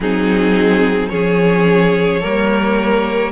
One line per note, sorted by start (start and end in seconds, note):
0.00 1.10 F#3
0.00 1.10 C4
0.00 1.11 D#4
0.00 1.09 G#4
1.09 2.23 F3
1.09 2.21 C#4
1.09 2.20 G#4
1.09 3.31 C#5
2.20 3.31 G3
2.20 3.31 A#3
2.20 3.31 A#4